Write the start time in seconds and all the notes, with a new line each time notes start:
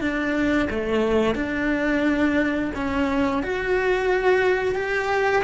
0.00 D4
0.70 A3
1.35 D4
2.74 C#4
3.42 F#4
4.74 G4